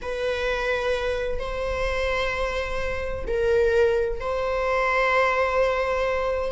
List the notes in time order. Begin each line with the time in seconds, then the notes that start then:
0.01 B4
1.39 C5
3.27 A#4
4.19 C5